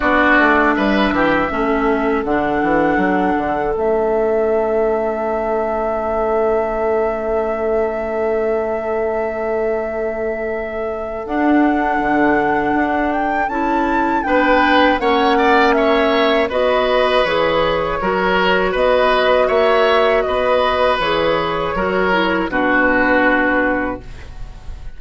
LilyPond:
<<
  \new Staff \with { instrumentName = "flute" } { \time 4/4 \tempo 4 = 80 d''4 e''2 fis''4~ | fis''4 e''2.~ | e''1~ | e''2. fis''4~ |
fis''4. g''8 a''4 g''4 | fis''4 e''4 dis''4 cis''4~ | cis''4 dis''4 e''4 dis''4 | cis''2 b'2 | }
  \new Staff \with { instrumentName = "oboe" } { \time 4/4 fis'4 b'8 g'8 a'2~ | a'1~ | a'1~ | a'1~ |
a'2. b'4 | cis''8 d''8 cis''4 b'2 | ais'4 b'4 cis''4 b'4~ | b'4 ais'4 fis'2 | }
  \new Staff \with { instrumentName = "clarinet" } { \time 4/4 d'2 cis'4 d'4~ | d'4 cis'2.~ | cis'1~ | cis'2. d'4~ |
d'2 e'4 d'4 | cis'2 fis'4 gis'4 | fis'1 | gis'4 fis'8 e'8 d'2 | }
  \new Staff \with { instrumentName = "bassoon" } { \time 4/4 b8 a8 g8 e8 a4 d8 e8 | fis8 d8 a2.~ | a1~ | a2. d'4 |
d4 d'4 cis'4 b4 | ais2 b4 e4 | fis4 b4 ais4 b4 | e4 fis4 b,2 | }
>>